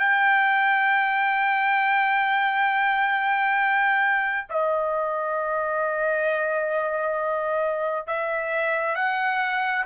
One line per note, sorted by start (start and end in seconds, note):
0.00 4.48 G5
4.50 8.07 D#5
8.07 8.96 E5
8.96 9.85 F#5